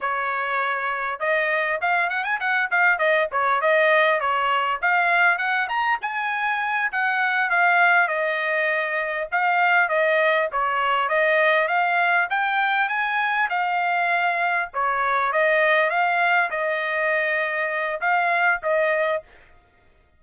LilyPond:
\new Staff \with { instrumentName = "trumpet" } { \time 4/4 \tempo 4 = 100 cis''2 dis''4 f''8 fis''16 gis''16 | fis''8 f''8 dis''8 cis''8 dis''4 cis''4 | f''4 fis''8 ais''8 gis''4. fis''8~ | fis''8 f''4 dis''2 f''8~ |
f''8 dis''4 cis''4 dis''4 f''8~ | f''8 g''4 gis''4 f''4.~ | f''8 cis''4 dis''4 f''4 dis''8~ | dis''2 f''4 dis''4 | }